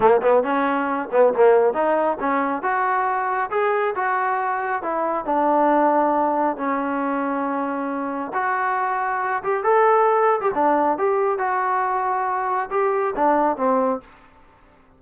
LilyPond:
\new Staff \with { instrumentName = "trombone" } { \time 4/4 \tempo 4 = 137 ais8 b8 cis'4. b8 ais4 | dis'4 cis'4 fis'2 | gis'4 fis'2 e'4 | d'2. cis'4~ |
cis'2. fis'4~ | fis'4. g'8 a'4.~ a'16 g'16 | d'4 g'4 fis'2~ | fis'4 g'4 d'4 c'4 | }